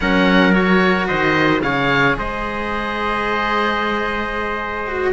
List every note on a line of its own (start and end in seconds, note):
0.00 1.09 F#3
0.00 0.52 C#4
0.00 1.07 A#4
0.00 0.53 F#5
0.52 1.60 F#4
0.52 1.07 C#5
1.07 1.62 D#3
1.07 1.61 C5
1.07 1.61 D#5
1.62 2.16 C#3
1.62 4.87 G#4
1.62 2.17 C#5
1.62 2.16 F5
2.18 5.12 G#3
2.18 5.12 C5
2.18 5.12 D#5
4.87 5.12 F#4